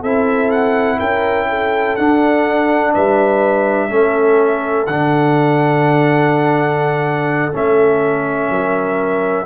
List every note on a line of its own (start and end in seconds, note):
0.00 0.99 C4
0.00 1.98 E4
0.00 0.97 A4
0.00 0.51 E5
0.51 0.99 F#5
0.99 1.97 C#4
0.99 1.47 A#4
0.99 1.96 G5
1.49 2.93 A4
1.96 2.94 D4
1.96 3.89 D4
1.96 2.93 F#5
2.93 3.90 G3
2.93 3.89 B4
2.93 4.86 E5
3.89 4.86 A3
3.89 4.86 C#4
3.89 8.49 A4
4.86 7.52 D3
4.86 7.52 D4
4.86 7.52 F#5
7.52 8.49 A3
7.52 9.45 C#4
7.52 9.45 E5
8.49 9.45 F#3
8.49 9.45 A#4